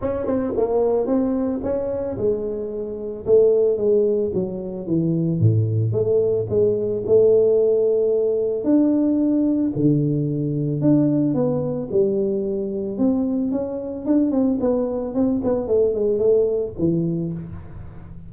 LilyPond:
\new Staff \with { instrumentName = "tuba" } { \time 4/4 \tempo 4 = 111 cis'8 c'8 ais4 c'4 cis'4 | gis2 a4 gis4 | fis4 e4 a,4 a4 | gis4 a2. |
d'2 d2 | d'4 b4 g2 | c'4 cis'4 d'8 c'8 b4 | c'8 b8 a8 gis8 a4 e4 | }